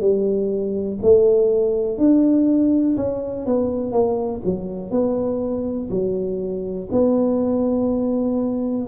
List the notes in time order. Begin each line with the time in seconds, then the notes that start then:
0.00 G3
1.02 A3
1.98 D4
2.96 C#4
3.46 B3
3.92 A#3
4.44 F#3
4.90 B3
5.90 F#3
6.91 B3